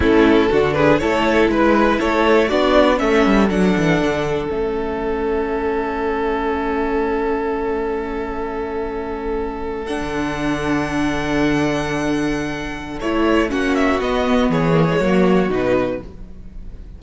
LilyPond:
<<
  \new Staff \with { instrumentName = "violin" } { \time 4/4 \tempo 4 = 120 a'4. b'8 cis''4 b'4 | cis''4 d''4 e''4 fis''4~ | fis''4 e''2.~ | e''1~ |
e''2.~ e''8. fis''16~ | fis''1~ | fis''2 cis''4 fis''8 e''8 | dis''4 cis''2 b'4 | }
  \new Staff \with { instrumentName = "violin" } { \time 4/4 e'4 fis'8 gis'8 a'4 b'4 | a'4 fis'4 a'2~ | a'1~ | a'1~ |
a'1~ | a'1~ | a'2. fis'4~ | fis'4 gis'4 fis'2 | }
  \new Staff \with { instrumentName = "viola" } { \time 4/4 cis'4 d'4 e'2~ | e'4 d'4 cis'4 d'4~ | d'4 cis'2.~ | cis'1~ |
cis'2.~ cis'8. d'16~ | d'1~ | d'2 e'4 cis'4 | b4. ais16 gis16 ais4 dis'4 | }
  \new Staff \with { instrumentName = "cello" } { \time 4/4 a4 d4 a4 gis4 | a4 b4 a8 g8 fis8 e8 | d4 a2.~ | a1~ |
a1 | d1~ | d2 a4 ais4 | b4 e4 fis4 b,4 | }
>>